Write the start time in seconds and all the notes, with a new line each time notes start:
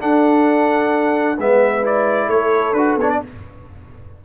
0.00 D4 A4 F#5
1.38 G#3 B3 B4 E5
1.83 E4 D5
2.27 A3 A4 C#5
2.73 D4 F#4 B4
2.97 B3 D4 C#5
3.10 D5